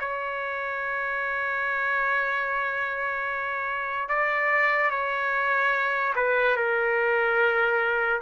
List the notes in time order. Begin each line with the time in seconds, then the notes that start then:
0.00 C#5
4.09 D5
4.90 C#5
6.15 B4
6.56 A#4